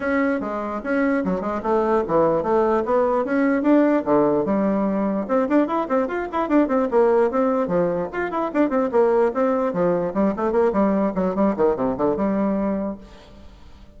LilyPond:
\new Staff \with { instrumentName = "bassoon" } { \time 4/4 \tempo 4 = 148 cis'4 gis4 cis'4 fis8 gis8 | a4 e4 a4 b4 | cis'4 d'4 d4 g4~ | g4 c'8 d'8 e'8 c'8 f'8 e'8 |
d'8 c'8 ais4 c'4 f4 | f'8 e'8 d'8 c'8 ais4 c'4 | f4 g8 a8 ais8 g4 fis8 | g8 dis8 c8 d8 g2 | }